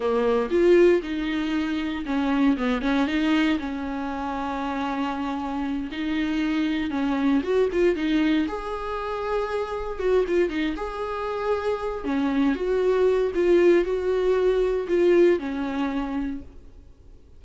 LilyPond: \new Staff \with { instrumentName = "viola" } { \time 4/4 \tempo 4 = 117 ais4 f'4 dis'2 | cis'4 b8 cis'8 dis'4 cis'4~ | cis'2.~ cis'8 dis'8~ | dis'4. cis'4 fis'8 f'8 dis'8~ |
dis'8 gis'2. fis'8 | f'8 dis'8 gis'2~ gis'8 cis'8~ | cis'8 fis'4. f'4 fis'4~ | fis'4 f'4 cis'2 | }